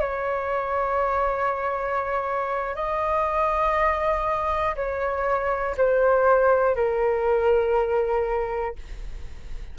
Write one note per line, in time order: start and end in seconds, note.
0.00 2.75 C#5
2.75 4.75 D#5
4.75 5.75 C#5
5.77 6.75 C5
6.75 8.75 A#4